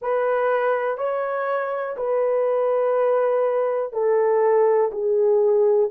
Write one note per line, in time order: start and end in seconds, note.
0.01 0.97 B4
0.97 1.95 C#5
1.96 3.92 B4
3.92 4.90 A4
4.91 5.90 G#4